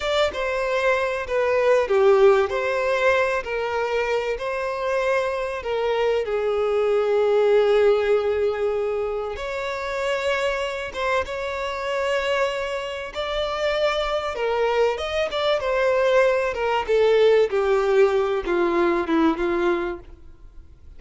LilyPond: \new Staff \with { instrumentName = "violin" } { \time 4/4 \tempo 4 = 96 d''8 c''4. b'4 g'4 | c''4. ais'4. c''4~ | c''4 ais'4 gis'2~ | gis'2. cis''4~ |
cis''4. c''8 cis''2~ | cis''4 d''2 ais'4 | dis''8 d''8 c''4. ais'8 a'4 | g'4. f'4 e'8 f'4 | }